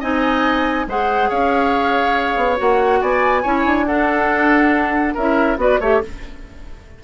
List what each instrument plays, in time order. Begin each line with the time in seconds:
0.00 bassoon C4, clarinet D#4, oboe D#5, flute G#5
0.87 bassoon G#3, clarinet G#4, oboe C5, flute F#5
1.29 bassoon C#4, oboe C#5, flute F5
2.37 bassoon B3
2.57 bassoon A#3, clarinet F#4, flute F#5
3.01 bassoon B3, oboe D5, flute G#5
3.43 bassoon C#4, clarinet E4, oboe C#5
3.65 bassoon D4
3.87 clarinet D4, oboe A4, flute F#5
5.14 bassoon C#4, clarinet E4, oboe A#4, flute E5
5.57 bassoon B3, clarinet F#4, oboe B4, flute D5
5.80 bassoon A3, clarinet G4, oboe C#5, flute E5